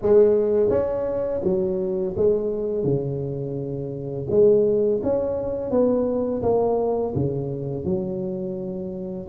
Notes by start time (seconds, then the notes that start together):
0.02 G#3
0.69 C#4
1.43 F#3
2.16 G#3
2.84 C#3
4.30 G#3
5.03 C#4
5.70 B3
6.42 A#3
7.15 C#3
7.84 F#3